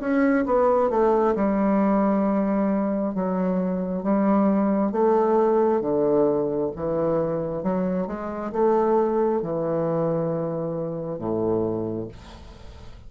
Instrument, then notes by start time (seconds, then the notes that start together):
bassoon
0.00 C#4
0.46 B3
0.90 A3
1.35 G3
3.14 F#3
4.03 G3
4.92 A3
5.81 D3
6.76 E3
7.63 F#3
8.07 G#3
8.52 A3
9.42 E3
11.19 A2